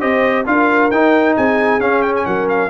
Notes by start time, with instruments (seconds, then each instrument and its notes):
0.00 tuba C4, trombone G4, horn C5, trumpet D#5
0.45 tuba D4, trombone F4, horn A#4, trumpet F5
0.90 tuba D#4, trombone D#4, trumpet G5
1.36 tuba C4, horn G#4, trumpet G#5
1.80 tuba C#4, trombone C#4, trumpet F5
2.02 trumpet G5
2.15 trumpet G#5
2.25 tuba F#3, horn A#4, trumpet F#5
2.49 trumpet F5